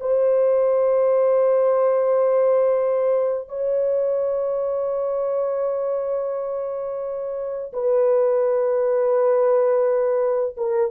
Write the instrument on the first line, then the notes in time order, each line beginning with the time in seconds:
horn
0.00 C5
3.48 C#5
7.73 B4
10.57 A#4